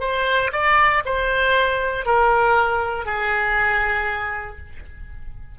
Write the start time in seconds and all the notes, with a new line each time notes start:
0.00 C5
0.52 D5
1.05 C5
2.05 A#4
3.05 G#4